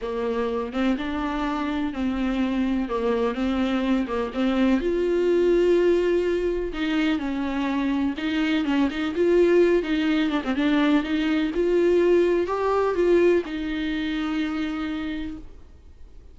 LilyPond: \new Staff \with { instrumentName = "viola" } { \time 4/4 \tempo 4 = 125 ais4. c'8 d'2 | c'2 ais4 c'4~ | c'8 ais8 c'4 f'2~ | f'2 dis'4 cis'4~ |
cis'4 dis'4 cis'8 dis'8 f'4~ | f'8 dis'4 d'16 c'16 d'4 dis'4 | f'2 g'4 f'4 | dis'1 | }